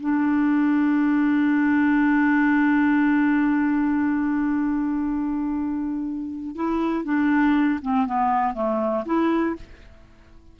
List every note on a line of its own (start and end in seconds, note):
0.00 6.55 D4
6.56 7.04 E4
7.04 7.80 D4
7.82 8.06 C4
8.06 8.54 B3
8.54 9.04 A3
9.05 9.56 E4